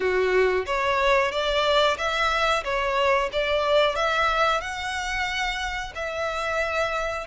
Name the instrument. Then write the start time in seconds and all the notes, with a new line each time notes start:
violin
0.00 F#4
0.66 C#5
1.31 D5
1.98 E5
2.63 C#5
3.32 D5
3.95 E5
4.61 F#5
5.95 E5